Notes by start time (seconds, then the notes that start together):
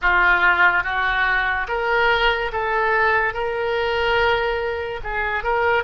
0.01 F4
0.83 F#4
1.68 A#4
2.52 A4
3.33 A#4
5.03 G#4
5.43 A#4